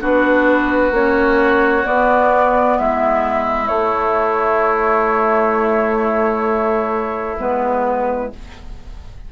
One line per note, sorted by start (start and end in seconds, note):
0.00 0.91 B3
0.00 0.92 D4
0.00 2.78 F#4
0.00 0.94 B4
0.91 1.84 A#3
0.91 1.83 C#4
0.91 1.86 C#5
1.83 3.67 B3
1.83 2.79 B3
1.83 2.78 D5
2.78 3.69 G#3
2.78 8.32 E4
2.78 3.67 E5
3.67 7.36 A3
3.67 7.38 A3
3.67 7.37 C#5
7.38 8.32 G#3
7.38 8.30 B3
7.38 8.33 B4